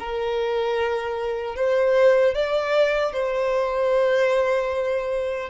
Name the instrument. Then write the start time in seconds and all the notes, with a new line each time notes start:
violin
0.00 A#4
1.56 C5
2.35 D5
3.13 C5